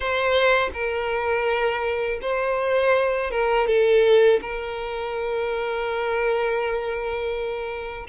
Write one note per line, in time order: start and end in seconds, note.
0.00 0.69 C5
0.73 2.20 A#4
2.21 3.31 C5
3.31 3.67 A#4
3.67 4.40 A4
4.41 8.07 A#4